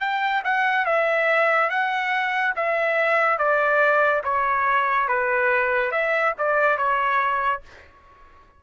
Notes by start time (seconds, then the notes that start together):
0.00 G5
0.44 F#5
0.85 E5
1.69 F#5
2.55 E5
3.38 D5
4.23 C#5
5.08 B4
5.91 E5
6.38 D5
6.77 C#5